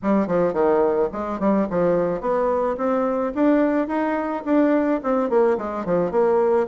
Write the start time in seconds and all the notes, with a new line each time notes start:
0.02 G3
0.27 F3
0.53 D#3
1.12 G#3
1.39 G3
1.69 F3
2.20 B3
2.77 C4
3.34 D4
3.87 D#4
4.45 D4
5.03 C4
5.29 A#3
5.57 G#3
5.85 F3
6.11 A#3